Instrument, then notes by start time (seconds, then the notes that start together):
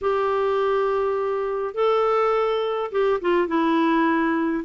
clarinet
0.01 G4
1.74 A4
2.91 G4
3.21 F4
3.47 E4